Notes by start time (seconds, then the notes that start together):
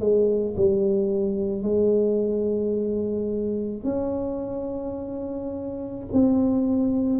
0.00 G#3
0.57 G3
1.63 G#3
3.84 C#4
6.13 C4